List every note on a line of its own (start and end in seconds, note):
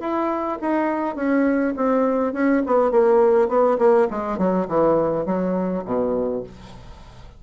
0.00 0.58 E4
0.61 1.15 D#4
1.15 1.74 C#4
1.76 2.33 C4
2.33 2.62 C#4
2.66 2.91 B3
2.91 3.48 A#3
3.48 3.77 B3
3.78 4.08 A#3
4.10 4.38 G#3
4.38 4.67 F#3
4.68 5.26 E3
5.26 5.84 F#3
5.85 6.43 B2